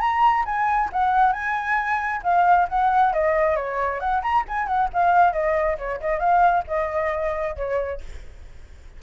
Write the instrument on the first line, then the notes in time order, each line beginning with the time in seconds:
flute
0.00 A#5
0.45 G#5
0.93 F#5
1.33 G#5
2.24 F5
2.69 F#5
3.13 D#5
3.56 C#5
4.00 F#5
4.23 A#5
4.48 G#5
4.67 F#5
4.93 F5
5.33 D#5
5.78 C#5
6.01 D#5
6.20 F5
6.67 D#5
7.56 C#5